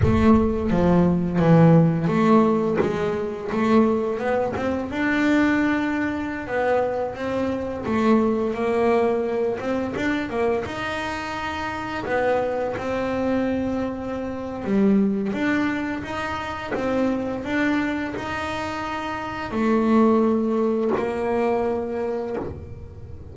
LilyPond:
\new Staff \with { instrumentName = "double bass" } { \time 4/4 \tempo 4 = 86 a4 f4 e4 a4 | gis4 a4 b8 c'8 d'4~ | d'4~ d'16 b4 c'4 a8.~ | a16 ais4. c'8 d'8 ais8 dis'8.~ |
dis'4~ dis'16 b4 c'4.~ c'16~ | c'4 g4 d'4 dis'4 | c'4 d'4 dis'2 | a2 ais2 | }